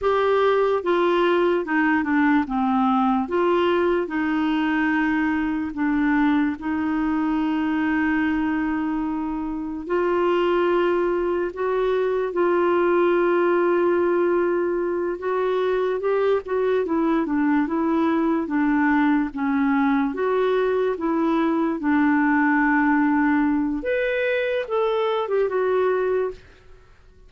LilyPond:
\new Staff \with { instrumentName = "clarinet" } { \time 4/4 \tempo 4 = 73 g'4 f'4 dis'8 d'8 c'4 | f'4 dis'2 d'4 | dis'1 | f'2 fis'4 f'4~ |
f'2~ f'8 fis'4 g'8 | fis'8 e'8 d'8 e'4 d'4 cis'8~ | cis'8 fis'4 e'4 d'4.~ | d'4 b'4 a'8. g'16 fis'4 | }